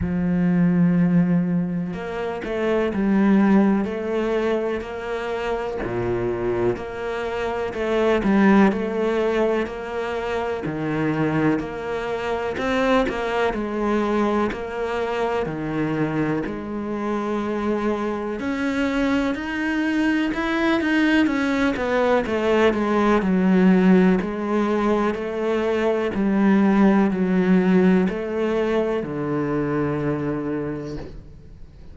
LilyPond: \new Staff \with { instrumentName = "cello" } { \time 4/4 \tempo 4 = 62 f2 ais8 a8 g4 | a4 ais4 ais,4 ais4 | a8 g8 a4 ais4 dis4 | ais4 c'8 ais8 gis4 ais4 |
dis4 gis2 cis'4 | dis'4 e'8 dis'8 cis'8 b8 a8 gis8 | fis4 gis4 a4 g4 | fis4 a4 d2 | }